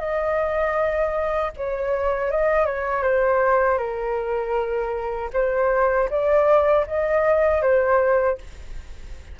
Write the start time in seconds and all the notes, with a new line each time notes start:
0.00 D#5
1.57 C#5
2.31 D#5
2.66 C#5
3.03 C5
3.78 A#4
5.33 C5
6.10 D5
6.87 D#5
7.63 C5